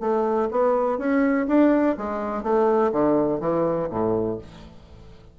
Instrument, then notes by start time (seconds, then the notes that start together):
bassoon
0.00 A3
0.51 B3
0.98 C#4
1.48 D4
1.97 G#3
2.43 A3
2.92 D3
3.40 E3
3.89 A2